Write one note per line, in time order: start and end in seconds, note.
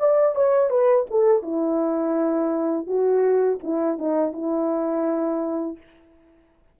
0.00 0.36 D5
0.36 0.70 C#5
0.70 1.06 B4
1.11 1.43 A4
1.43 2.87 E4
2.87 3.59 F#4
3.63 3.99 E4
3.99 4.33 D#4
4.33 5.78 E4